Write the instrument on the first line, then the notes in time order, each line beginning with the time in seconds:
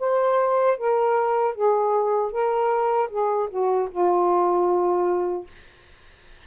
saxophone
0.00 C5
0.78 A#4
1.55 G#4
2.32 A#4
3.11 G#4
3.50 F#4
3.92 F4